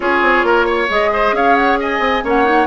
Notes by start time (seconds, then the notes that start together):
0.00 C#4 F4 G#4 C#5
0.21 C4
0.43 A#3 A#4
0.66 C#5
0.89 G#3 G#4 D#5
1.12 C5
1.32 C#4 C#5 F5
1.55 F#5
1.79 D#5 G#5
1.99 C4
2.23 A#3 C#4 C#5 F#5
2.44 D#4